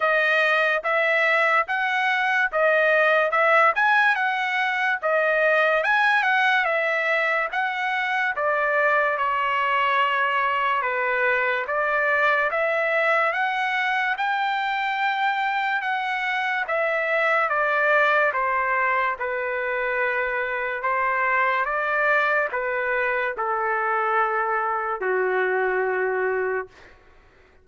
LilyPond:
\new Staff \with { instrumentName = "trumpet" } { \time 4/4 \tempo 4 = 72 dis''4 e''4 fis''4 dis''4 | e''8 gis''8 fis''4 dis''4 gis''8 fis''8 | e''4 fis''4 d''4 cis''4~ | cis''4 b'4 d''4 e''4 |
fis''4 g''2 fis''4 | e''4 d''4 c''4 b'4~ | b'4 c''4 d''4 b'4 | a'2 fis'2 | }